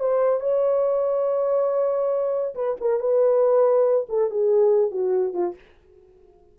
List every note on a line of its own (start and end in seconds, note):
0.00 0.41 C5
0.41 2.55 C#5
2.55 2.77 B4
2.81 3.00 A#4
3.00 4.07 B4
4.09 4.30 A4
4.30 4.91 G#4
4.91 5.34 F#4
5.34 5.55 F4